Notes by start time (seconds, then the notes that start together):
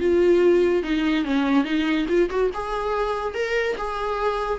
0.00 F4
0.83 D#4
1.25 C#4
1.65 D#4
2.09 F4
2.30 F#4
2.54 G#4
3.35 A#4
3.78 G#4